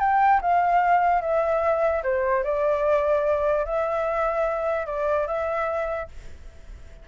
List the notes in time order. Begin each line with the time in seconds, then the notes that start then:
0.00 G5
0.42 F5
1.22 E5
2.04 C5
2.44 D5
3.65 E5
4.87 D5
5.27 E5